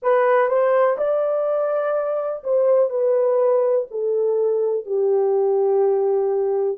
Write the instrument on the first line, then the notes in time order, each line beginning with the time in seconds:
horn
0.02 B4
0.48 C5
0.97 D5
2.43 C5
2.89 B4
3.91 A4
4.85 G4